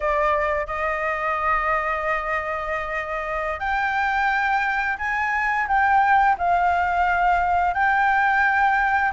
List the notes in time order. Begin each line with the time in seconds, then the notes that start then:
0.00 D5
0.66 D#5
3.59 G5
4.97 G#5
5.67 G5
6.38 F5
7.74 G5